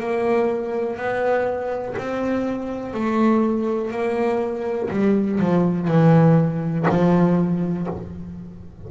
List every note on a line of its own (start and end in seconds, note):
0.00 0.97 A#3
0.97 1.95 B3
1.98 2.94 C4
2.94 3.92 A3
3.92 4.90 A#3
4.90 5.40 G3
5.40 5.88 F3
5.88 6.86 E3
6.89 7.88 F3